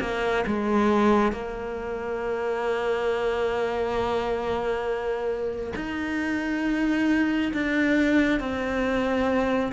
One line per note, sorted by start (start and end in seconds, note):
0.00 0.44 A#3
0.46 1.32 G#3
1.32 5.73 A#3
5.76 7.52 D#4
7.53 8.39 D4
8.39 9.72 C4